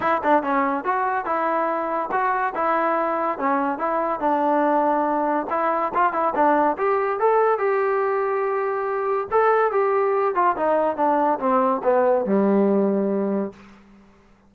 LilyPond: \new Staff \with { instrumentName = "trombone" } { \time 4/4 \tempo 4 = 142 e'8 d'8 cis'4 fis'4 e'4~ | e'4 fis'4 e'2 | cis'4 e'4 d'2~ | d'4 e'4 f'8 e'8 d'4 |
g'4 a'4 g'2~ | g'2 a'4 g'4~ | g'8 f'8 dis'4 d'4 c'4 | b4 g2. | }